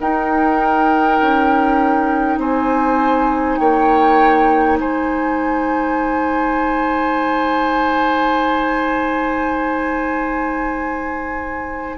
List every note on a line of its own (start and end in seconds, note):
0.00 1.20 D#4
0.00 11.98 D#4
0.00 2.40 A#4
0.00 2.40 G5
1.21 2.38 C#4
2.38 3.58 C4
2.38 3.59 C5
2.38 3.58 G#5
3.58 4.79 A#3
3.58 4.79 C#5
3.58 4.78 G5
4.79 11.98 G#3
4.79 11.98 C5
4.79 11.98 G#5